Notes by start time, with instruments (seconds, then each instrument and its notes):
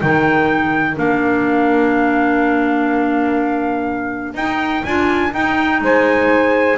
0.00 double bass D#3, clarinet D#4, saxophone A#4, trumpet G5
0.95 double bass A#3, clarinet D4, trumpet F5
4.34 double bass D#4, clarinet D#4, trumpet G5
4.84 double bass D4, clarinet F4, trumpet G#5
5.30 clarinet D#4, double bass D#4, trumpet G5
5.81 double bass G#3, saxophone C5, trumpet G#5